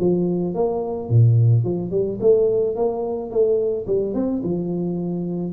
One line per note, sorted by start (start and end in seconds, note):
0.00 0.55 F3
0.55 1.10 A#3
1.10 1.65 A#2
1.65 1.91 F3
1.91 2.19 G3
2.21 2.76 A3
2.76 3.31 A#3
3.31 3.87 A3
3.87 4.14 G3
4.14 4.42 C4
4.44 5.54 F3